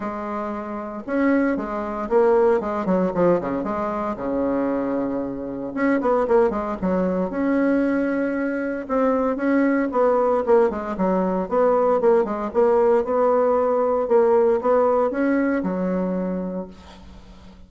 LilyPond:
\new Staff \with { instrumentName = "bassoon" } { \time 4/4 \tempo 4 = 115 gis2 cis'4 gis4 | ais4 gis8 fis8 f8 cis8 gis4 | cis2. cis'8 b8 | ais8 gis8 fis4 cis'2~ |
cis'4 c'4 cis'4 b4 | ais8 gis8 fis4 b4 ais8 gis8 | ais4 b2 ais4 | b4 cis'4 fis2 | }